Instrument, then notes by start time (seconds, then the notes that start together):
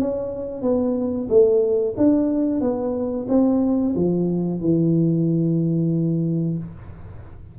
tuba
0.00 C#4
0.62 B3
1.29 A3
1.98 D4
2.61 B3
3.29 C4
3.95 F3
4.60 E3